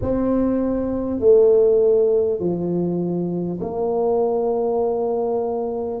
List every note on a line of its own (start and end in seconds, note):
0.01 1.19 C4
1.19 2.39 A3
2.39 3.59 F3
3.61 6.00 A#3